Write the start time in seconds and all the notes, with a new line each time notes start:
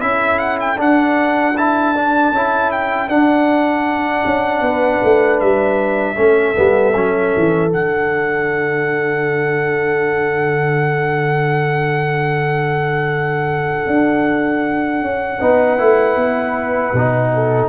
0.00 C#4 E4 A4 E5
0.38 F#5
0.60 G5
0.76 D4 F#5
1.57 E4 A5
1.95 D4
2.32 C#4 E4
2.71 G5
3.08 D4 F#5
4.25 C#4
4.61 B3 B4
5.03 A3
5.40 G3 E5
6.16 A3 C#4 A4
6.54 G3 B3
6.94 F#3 C#4
7.37 E3
7.69 D3 D4 F#5
13.86 D4
15.02 C#4
15.40 B3 D#4 B4
15.78 A3 E4
16.16 B3
16.93 B2 D#4
17.34 A4